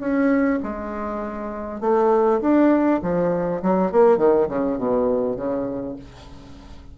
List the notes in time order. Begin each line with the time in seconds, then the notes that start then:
0.00 C#4
0.63 G#3
1.81 A3
2.41 D4
3.02 F3
3.62 F#3
3.92 A#3
4.18 D#3
4.48 C#3
4.78 B2
5.37 C#3